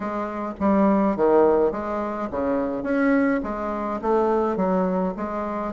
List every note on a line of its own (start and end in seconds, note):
0.00 0.53 G#3
0.60 1.16 G3
1.16 1.71 D#3
1.71 2.28 G#3
2.31 2.83 C#3
2.83 3.40 C#4
3.43 4.00 G#3
4.01 4.56 A3
4.56 5.13 F#3
5.17 5.73 G#3